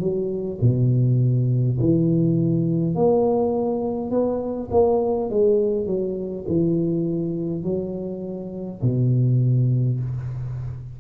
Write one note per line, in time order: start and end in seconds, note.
0.00 0.59 F#3
0.61 1.79 B2
1.80 2.95 E3
2.95 4.11 A#3
4.11 4.70 B3
4.71 5.30 A#3
5.30 5.87 G#3
5.87 6.45 F#3
6.48 7.64 E3
7.64 8.82 F#3
8.82 10.00 B2